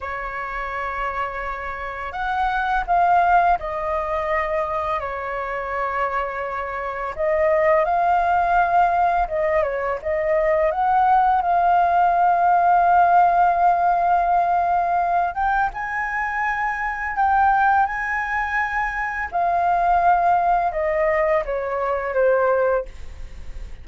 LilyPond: \new Staff \with { instrumentName = "flute" } { \time 4/4 \tempo 4 = 84 cis''2. fis''4 | f''4 dis''2 cis''4~ | cis''2 dis''4 f''4~ | f''4 dis''8 cis''8 dis''4 fis''4 |
f''1~ | f''4. g''8 gis''2 | g''4 gis''2 f''4~ | f''4 dis''4 cis''4 c''4 | }